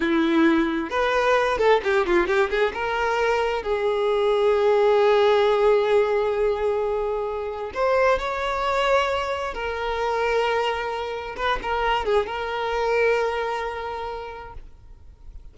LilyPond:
\new Staff \with { instrumentName = "violin" } { \time 4/4 \tempo 4 = 132 e'2 b'4. a'8 | g'8 f'8 g'8 gis'8 ais'2 | gis'1~ | gis'1~ |
gis'4 c''4 cis''2~ | cis''4 ais'2.~ | ais'4 b'8 ais'4 gis'8 ais'4~ | ais'1 | }